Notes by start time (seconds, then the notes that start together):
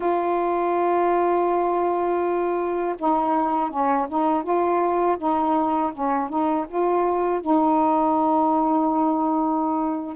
0.00 F4
2.98 D#4
3.70 C#4
4.08 D#4
4.43 F4
5.18 D#4
5.93 C#4
6.29 D#4
6.67 F4
7.40 D#4